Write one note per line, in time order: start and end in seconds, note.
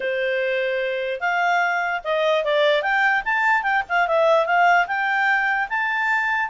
0.00 1.20 C5
1.20 2.01 F5
2.04 2.44 D#5
2.44 2.82 D5
2.82 3.22 G5
3.24 3.62 A5
3.62 3.83 G5
3.88 4.07 F5
4.07 4.45 E5
4.45 4.86 F5
4.87 5.68 G5
5.69 6.50 A5